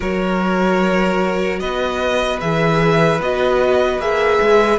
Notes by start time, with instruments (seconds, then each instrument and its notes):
0.00 cello F#3, viola F#4, violin A#4 C#5
1.59 cello B3, violin B4 D#5
2.40 cello E3, viola G#4, violin E5
3.20 cello B3, viola F#4, violin D#5
3.98 cello A#3, viola G#4, violin E5
4.41 cello G#3